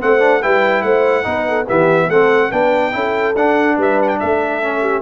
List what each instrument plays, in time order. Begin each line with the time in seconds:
0.00 tuba A3, trombone C4, horn C5, trumpet F#5
0.19 trombone D4
0.42 tuba G3, trombone E4, horn B4, trumpet G5
0.82 tuba A3, horn C5, trumpet F#5
1.23 tuba B3, trombone D#4, horn B4
1.48 horn A4
1.66 tuba E3, trombone B3, horn G4, trumpet E5
2.07 tuba A3, trombone C4, horn A4, trumpet F#5
2.50 tuba B3, trombone D4, horn B4, trumpet G5
2.92 tuba C#4, trombone E4, horn A4
3.36 tuba D4, trombone D4, trumpet F#5
3.76 tuba G3, horn B4, trumpet E5
4.02 trumpet F#5 G5
4.19 tuba A3, horn A4, trumpet E5
4.62 trombone C#4
4.81 horn G4